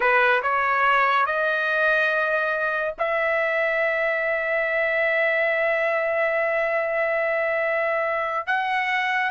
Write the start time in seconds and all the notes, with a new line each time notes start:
0.00 B4
0.42 C#5
1.25 D#5
2.98 E5
8.46 F#5